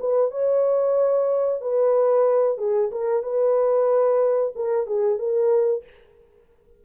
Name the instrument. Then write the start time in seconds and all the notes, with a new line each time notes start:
horn
0.00 B4
0.31 C#5
1.61 B4
2.58 G#4
2.91 A#4
3.23 B4
4.56 A#4
4.87 G#4
5.19 A#4